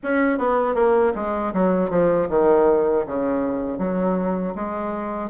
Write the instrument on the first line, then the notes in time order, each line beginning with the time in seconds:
bassoon
0.03 C#4
0.38 B3
0.74 A#3
1.15 G#3
1.53 F#3
1.90 F3
2.29 D#3
3.06 C#3
3.78 F#3
4.55 G#3